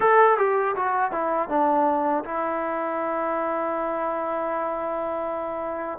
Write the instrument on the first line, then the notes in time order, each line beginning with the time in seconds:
trombone
0.00 A4
0.38 G4
0.75 F#4
1.11 E4
1.49 D4
2.24 E4